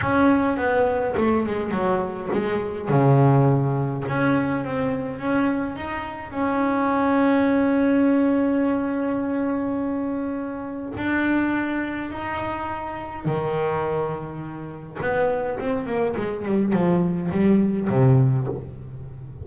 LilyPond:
\new Staff \with { instrumentName = "double bass" } { \time 4/4 \tempo 4 = 104 cis'4 b4 a8 gis8 fis4 | gis4 cis2 cis'4 | c'4 cis'4 dis'4 cis'4~ | cis'1~ |
cis'2. d'4~ | d'4 dis'2 dis4~ | dis2 b4 c'8 ais8 | gis8 g8 f4 g4 c4 | }